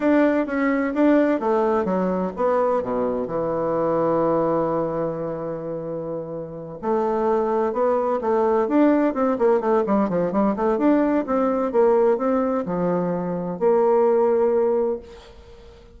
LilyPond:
\new Staff \with { instrumentName = "bassoon" } { \time 4/4 \tempo 4 = 128 d'4 cis'4 d'4 a4 | fis4 b4 b,4 e4~ | e1~ | e2~ e8 a4.~ |
a8 b4 a4 d'4 c'8 | ais8 a8 g8 f8 g8 a8 d'4 | c'4 ais4 c'4 f4~ | f4 ais2. | }